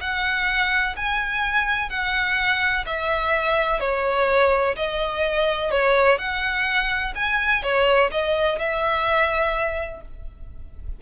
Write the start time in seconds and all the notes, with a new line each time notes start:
0.00 F#5
0.96 G#5
1.89 F#5
2.86 E5
3.80 C#5
4.76 D#5
5.71 C#5
6.18 F#5
7.15 G#5
7.62 C#5
8.11 D#5
8.58 E5